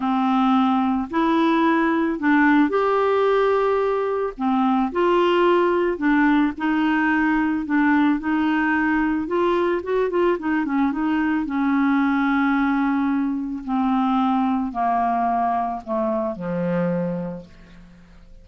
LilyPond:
\new Staff \with { instrumentName = "clarinet" } { \time 4/4 \tempo 4 = 110 c'2 e'2 | d'4 g'2. | c'4 f'2 d'4 | dis'2 d'4 dis'4~ |
dis'4 f'4 fis'8 f'8 dis'8 cis'8 | dis'4 cis'2.~ | cis'4 c'2 ais4~ | ais4 a4 f2 | }